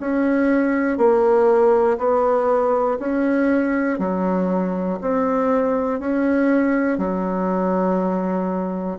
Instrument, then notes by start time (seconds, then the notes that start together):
bassoon
0.00 C#4
0.98 A#3
1.98 B3
3.00 C#4
3.99 F#3
5.01 C4
6.00 C#4
6.98 F#3